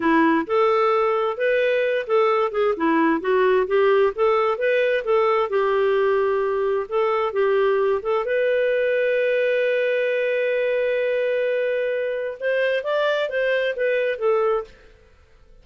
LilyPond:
\new Staff \with { instrumentName = "clarinet" } { \time 4/4 \tempo 4 = 131 e'4 a'2 b'4~ | b'8 a'4 gis'8 e'4 fis'4 | g'4 a'4 b'4 a'4 | g'2. a'4 |
g'4. a'8 b'2~ | b'1~ | b'2. c''4 | d''4 c''4 b'4 a'4 | }